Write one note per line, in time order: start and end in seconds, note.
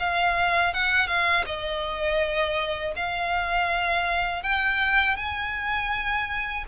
0.00 0.74 F5
0.74 1.08 F#5
1.08 1.45 F5
1.46 2.94 D#5
2.96 4.43 F5
4.43 5.17 G5
5.17 6.65 G#5